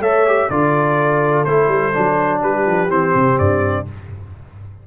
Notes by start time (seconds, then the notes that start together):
0.00 A3 A4 C#5 E5
0.26 G4
0.50 D3 F4 A4 D5
1.45 A3 E4 C5
1.68 G3
1.93 F#3 D4
2.41 G3 G4 B4
2.66 F3
2.89 E3 C4 C5
3.15 C3
3.38 G2 D5